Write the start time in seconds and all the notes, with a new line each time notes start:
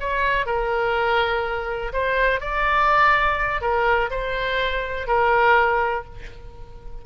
0.00 C#5
0.46 A#4
1.93 C5
2.40 D5
3.61 A#4
4.10 C5
5.07 A#4